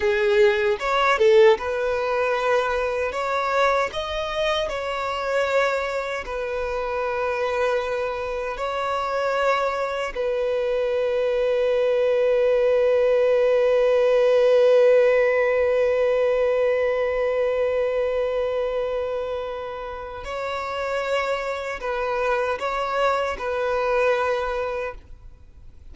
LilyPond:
\new Staff \with { instrumentName = "violin" } { \time 4/4 \tempo 4 = 77 gis'4 cis''8 a'8 b'2 | cis''4 dis''4 cis''2 | b'2. cis''4~ | cis''4 b'2.~ |
b'1~ | b'1~ | b'2 cis''2 | b'4 cis''4 b'2 | }